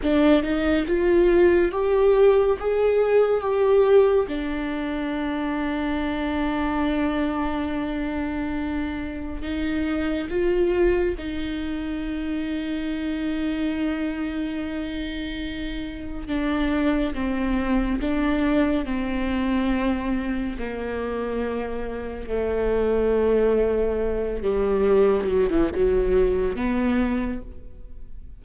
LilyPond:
\new Staff \with { instrumentName = "viola" } { \time 4/4 \tempo 4 = 70 d'8 dis'8 f'4 g'4 gis'4 | g'4 d'2.~ | d'2. dis'4 | f'4 dis'2.~ |
dis'2. d'4 | c'4 d'4 c'2 | ais2 a2~ | a8 g4 fis16 e16 fis4 b4 | }